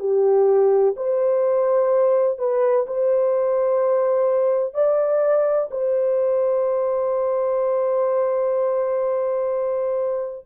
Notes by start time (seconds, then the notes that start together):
0.00 G4
0.97 C5
2.39 B4
2.87 C5
4.74 D5
5.71 C5